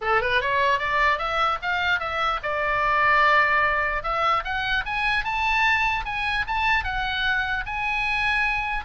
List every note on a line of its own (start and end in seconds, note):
0.01 0.21 A4
0.21 0.41 B4
0.41 0.78 C#5
0.78 1.18 D5
1.18 1.58 E5
1.61 1.99 F5
1.99 2.39 E5
2.42 4.03 D5
4.03 4.43 E5
4.44 4.84 F#5
4.85 5.24 G#5
5.24 6.04 A5
6.05 6.45 G#5
6.47 6.84 A5
6.84 7.64 F#5
7.65 8.84 G#5